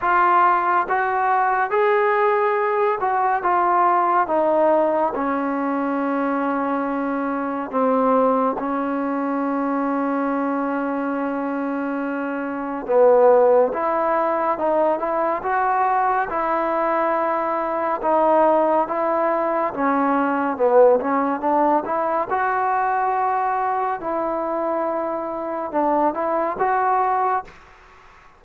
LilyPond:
\new Staff \with { instrumentName = "trombone" } { \time 4/4 \tempo 4 = 70 f'4 fis'4 gis'4. fis'8 | f'4 dis'4 cis'2~ | cis'4 c'4 cis'2~ | cis'2. b4 |
e'4 dis'8 e'8 fis'4 e'4~ | e'4 dis'4 e'4 cis'4 | b8 cis'8 d'8 e'8 fis'2 | e'2 d'8 e'8 fis'4 | }